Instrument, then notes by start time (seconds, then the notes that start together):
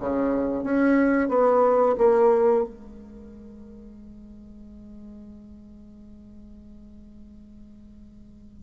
bassoon
0.00 C#3
0.64 C#4
1.29 B3
1.98 A#3
2.64 G#3